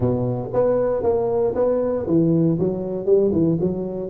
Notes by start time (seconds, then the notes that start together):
0.00 B2
0.53 B3
1.03 A#3
1.54 B3
2.06 E3
2.59 F#3
3.05 G3
3.32 E3
3.60 F#3